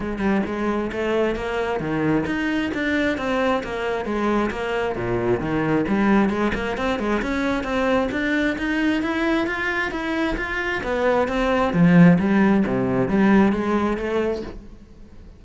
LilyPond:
\new Staff \with { instrumentName = "cello" } { \time 4/4 \tempo 4 = 133 gis8 g8 gis4 a4 ais4 | dis4 dis'4 d'4 c'4 | ais4 gis4 ais4 ais,4 | dis4 g4 gis8 ais8 c'8 gis8 |
cis'4 c'4 d'4 dis'4 | e'4 f'4 e'4 f'4 | b4 c'4 f4 g4 | c4 g4 gis4 a4 | }